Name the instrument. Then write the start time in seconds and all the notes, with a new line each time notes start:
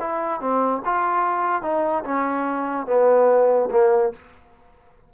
trombone
0.00 E4
0.41 C4
0.85 F4
1.63 D#4
2.04 C#4
2.87 B3
3.71 A#3